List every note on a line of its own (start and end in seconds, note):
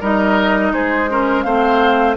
0.00 0.73 G3
0.00 1.09 D#4
0.00 0.72 A#4
0.00 0.73 D#5
0.73 1.45 G#3
0.73 1.10 G#4
0.73 1.42 C5
1.09 1.45 C#4
1.09 1.44 A#4
1.42 2.17 A3
1.42 2.17 C4
1.42 2.17 C5
1.42 2.15 F5